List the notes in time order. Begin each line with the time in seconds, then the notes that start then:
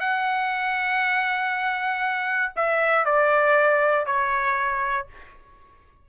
0.00 F#5
2.56 E5
3.05 D5
4.06 C#5